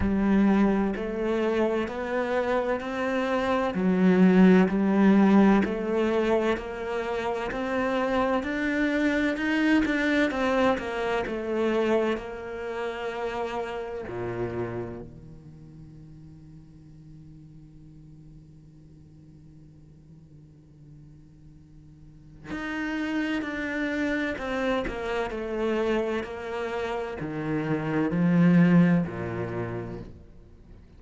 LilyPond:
\new Staff \with { instrumentName = "cello" } { \time 4/4 \tempo 4 = 64 g4 a4 b4 c'4 | fis4 g4 a4 ais4 | c'4 d'4 dis'8 d'8 c'8 ais8 | a4 ais2 ais,4 |
dis1~ | dis1 | dis'4 d'4 c'8 ais8 a4 | ais4 dis4 f4 ais,4 | }